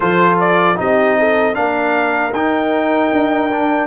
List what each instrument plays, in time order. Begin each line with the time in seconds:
0.00 tuba F3, trombone F4, horn A4, trumpet C5
0.40 trumpet D5
0.75 tuba C4, trombone D#4, horn G4, trumpet D#5
1.18 horn A4
1.53 tuba A#3, trombone D4, horn A#4, trumpet F5
2.32 tuba D#4, trombone D#4, trumpet G5
3.12 tuba D4
3.50 trombone D4